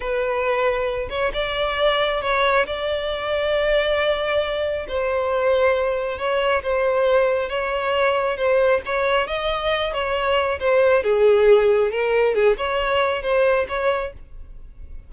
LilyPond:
\new Staff \with { instrumentName = "violin" } { \time 4/4 \tempo 4 = 136 b'2~ b'8 cis''8 d''4~ | d''4 cis''4 d''2~ | d''2. c''4~ | c''2 cis''4 c''4~ |
c''4 cis''2 c''4 | cis''4 dis''4. cis''4. | c''4 gis'2 ais'4 | gis'8 cis''4. c''4 cis''4 | }